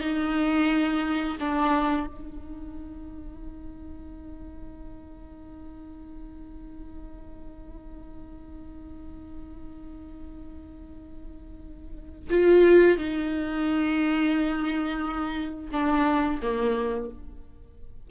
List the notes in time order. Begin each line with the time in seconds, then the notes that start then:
0.00 D#4
1.40 D4
2.06 D#4
12.30 F4
12.97 D#4
15.72 D4
16.42 A#3